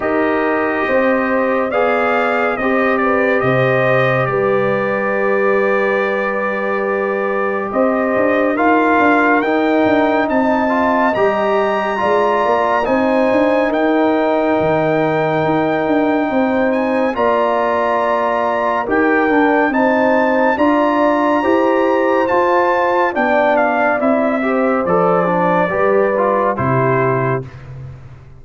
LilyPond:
<<
  \new Staff \with { instrumentName = "trumpet" } { \time 4/4 \tempo 4 = 70 dis''2 f''4 dis''8 d''8 | dis''4 d''2.~ | d''4 dis''4 f''4 g''4 | a''4 ais''2 gis''4 |
g''2.~ g''8 gis''8 | ais''2 g''4 a''4 | ais''2 a''4 g''8 f''8 | e''4 d''2 c''4 | }
  \new Staff \with { instrumentName = "horn" } { \time 4/4 ais'4 c''4 d''4 c''8 b'8 | c''4 b'2.~ | b'4 c''4 ais'2 | dis''2 d''4 c''4 |
ais'2. c''4 | d''2 ais'4 c''4 | d''4 c''2 d''4~ | d''8 c''4. b'4 g'4 | }
  \new Staff \with { instrumentName = "trombone" } { \time 4/4 g'2 gis'4 g'4~ | g'1~ | g'2 f'4 dis'4~ | dis'8 f'8 g'4 f'4 dis'4~ |
dis'1 | f'2 g'8 d'8 dis'4 | f'4 g'4 f'4 d'4 | e'8 g'8 a'8 d'8 g'8 f'8 e'4 | }
  \new Staff \with { instrumentName = "tuba" } { \time 4/4 dis'4 c'4 b4 c'4 | c4 g2.~ | g4 c'8 d'8 dis'8 d'8 dis'8 d'8 | c'4 g4 gis8 ais8 c'8 d'8 |
dis'4 dis4 dis'8 d'8 c'4 | ais2 dis'8 d'8 c'4 | d'4 e'4 f'4 b4 | c'4 f4 g4 c4 | }
>>